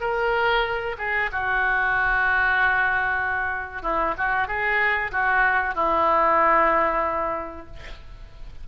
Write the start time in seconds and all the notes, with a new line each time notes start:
0.00 A#4
0.97 G#4
1.31 F#4
3.82 E4
4.17 F#4
4.47 G#4
5.11 F#4
5.74 E4